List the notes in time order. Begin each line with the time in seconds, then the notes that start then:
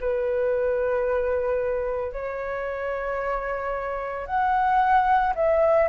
0.00 B4
2.12 C#5
4.26 F#5
5.35 E5